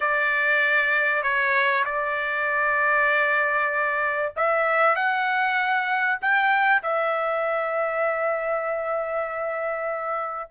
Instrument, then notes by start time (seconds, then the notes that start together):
trumpet
0.00 D5
1.22 C#5
1.85 D5
4.36 E5
4.95 F#5
6.21 G5
6.82 E5